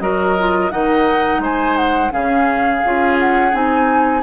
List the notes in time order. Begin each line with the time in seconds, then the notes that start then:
0.00 F#3 F#4 A#4 D#5
0.38 F4
0.70 D#3 D#4 D#5 F#5
1.39 G#3 C5 G#5
1.76 F#5
2.10 C#3 C#4 G#4 F5
2.84 C#4 F4
3.19 F#5
3.52 C4 D#4 G#5